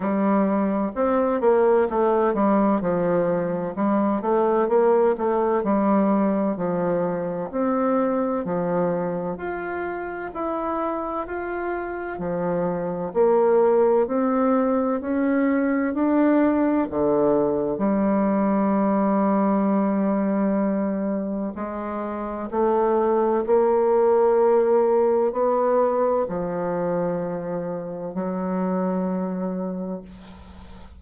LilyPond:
\new Staff \with { instrumentName = "bassoon" } { \time 4/4 \tempo 4 = 64 g4 c'8 ais8 a8 g8 f4 | g8 a8 ais8 a8 g4 f4 | c'4 f4 f'4 e'4 | f'4 f4 ais4 c'4 |
cis'4 d'4 d4 g4~ | g2. gis4 | a4 ais2 b4 | f2 fis2 | }